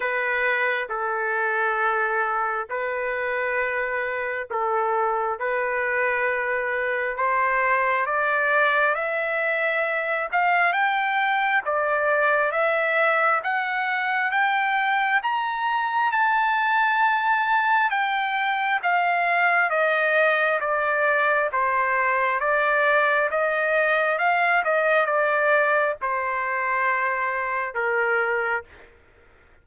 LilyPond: \new Staff \with { instrumentName = "trumpet" } { \time 4/4 \tempo 4 = 67 b'4 a'2 b'4~ | b'4 a'4 b'2 | c''4 d''4 e''4. f''8 | g''4 d''4 e''4 fis''4 |
g''4 ais''4 a''2 | g''4 f''4 dis''4 d''4 | c''4 d''4 dis''4 f''8 dis''8 | d''4 c''2 ais'4 | }